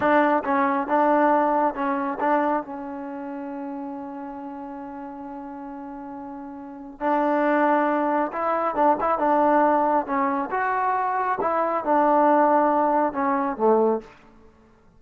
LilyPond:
\new Staff \with { instrumentName = "trombone" } { \time 4/4 \tempo 4 = 137 d'4 cis'4 d'2 | cis'4 d'4 cis'2~ | cis'1~ | cis'1 |
d'2. e'4 | d'8 e'8 d'2 cis'4 | fis'2 e'4 d'4~ | d'2 cis'4 a4 | }